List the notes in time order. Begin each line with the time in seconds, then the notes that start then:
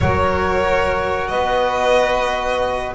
0.00 F#3 F#4 A#4 C#5
1.28 B3 B4 D#5